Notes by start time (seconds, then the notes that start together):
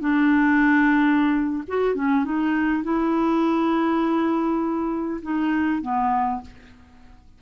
0.00 D4
1.68 F#4
1.95 C#4
2.24 D#4
2.83 E4
5.22 D#4
5.82 B3